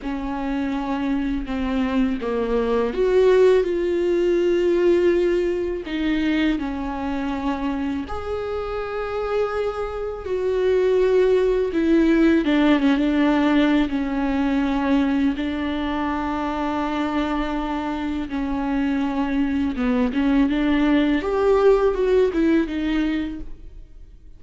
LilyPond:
\new Staff \with { instrumentName = "viola" } { \time 4/4 \tempo 4 = 82 cis'2 c'4 ais4 | fis'4 f'2. | dis'4 cis'2 gis'4~ | gis'2 fis'2 |
e'4 d'8 cis'16 d'4~ d'16 cis'4~ | cis'4 d'2.~ | d'4 cis'2 b8 cis'8 | d'4 g'4 fis'8 e'8 dis'4 | }